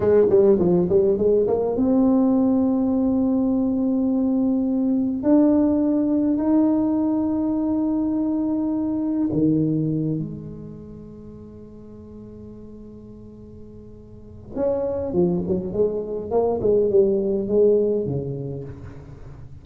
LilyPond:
\new Staff \with { instrumentName = "tuba" } { \time 4/4 \tempo 4 = 103 gis8 g8 f8 g8 gis8 ais8 c'4~ | c'1~ | c'4 d'2 dis'4~ | dis'1 |
dis4. gis2~ gis8~ | gis1~ | gis4 cis'4 f8 fis8 gis4 | ais8 gis8 g4 gis4 cis4 | }